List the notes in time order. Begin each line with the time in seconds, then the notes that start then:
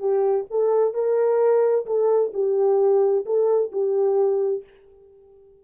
0.00 G4
0.51 A4
0.95 A#4
1.87 A4
2.34 G4
3.26 A4
3.73 G4